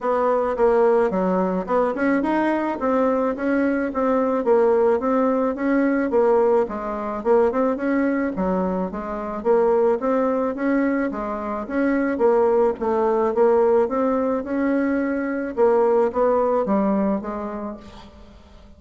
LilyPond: \new Staff \with { instrumentName = "bassoon" } { \time 4/4 \tempo 4 = 108 b4 ais4 fis4 b8 cis'8 | dis'4 c'4 cis'4 c'4 | ais4 c'4 cis'4 ais4 | gis4 ais8 c'8 cis'4 fis4 |
gis4 ais4 c'4 cis'4 | gis4 cis'4 ais4 a4 | ais4 c'4 cis'2 | ais4 b4 g4 gis4 | }